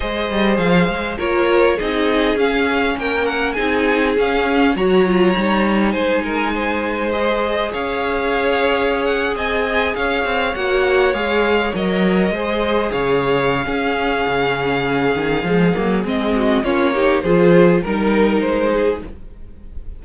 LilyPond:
<<
  \new Staff \with { instrumentName = "violin" } { \time 4/4 \tempo 4 = 101 dis''4 f''4 cis''4 dis''4 | f''4 g''8 fis''8 gis''4 f''4 | ais''2 gis''2 | dis''4 f''2~ f''16 fis''8 gis''16~ |
gis''8. f''4 fis''4 f''4 dis''16~ | dis''4.~ dis''16 f''2~ f''16~ | f''2. dis''4 | cis''4 c''4 ais'4 c''4 | }
  \new Staff \with { instrumentName = "violin" } { \time 4/4 c''2 ais'4 gis'4~ | gis'4 ais'4 gis'2 | cis''2 c''8 ais'8 c''4~ | c''4 cis''2~ cis''8. dis''16~ |
dis''8. cis''2.~ cis''16~ | cis''8. c''4 cis''4~ cis''16 gis'4~ | gis'2.~ gis'8 fis'8 | f'8 g'8 gis'4 ais'4. gis'8 | }
  \new Staff \with { instrumentName = "viola" } { \time 4/4 gis'2 f'4 dis'4 | cis'2 dis'4 cis'4 | fis'8 f'8 dis'2. | gis'1~ |
gis'4.~ gis'16 fis'4 gis'4 ais'16~ | ais'8. gis'2~ gis'16 cis'4~ | cis'2 gis8 ais8 c'4 | cis'8 dis'8 f'4 dis'2 | }
  \new Staff \with { instrumentName = "cello" } { \time 4/4 gis8 g8 f8 gis8 ais4 c'4 | cis'4 ais4 c'4 cis'4 | fis4 g4 gis2~ | gis4 cis'2~ cis'8. c'16~ |
c'8. cis'8 c'8 ais4 gis4 fis16~ | fis8. gis4 cis4~ cis16 cis'4 | cis4. dis8 f8 fis8 gis4 | ais4 f4 g4 gis4 | }
>>